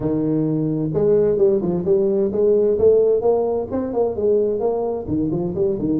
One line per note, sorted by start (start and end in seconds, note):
0.00 0.90 D#3
0.93 1.37 G#3
1.37 1.60 G3
1.61 1.84 F3
1.85 2.31 G3
2.31 2.78 G#3
2.78 3.21 A3
3.21 3.67 A#3
3.71 3.93 C4
3.93 4.16 A#3
4.16 4.59 G#3
4.59 5.06 A#3
5.07 5.30 D#3
5.31 5.54 F3
5.54 5.78 G3
5.79 6.00 D#3